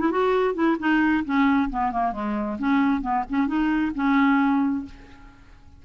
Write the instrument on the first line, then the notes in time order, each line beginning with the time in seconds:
clarinet
0.00 E4
0.11 F#4
0.54 E4
0.79 D#4
1.24 C#4
1.70 B3
1.91 A#3
2.12 G#3
2.59 C#4
3.01 B3
3.29 C#4
3.47 D#4
3.95 C#4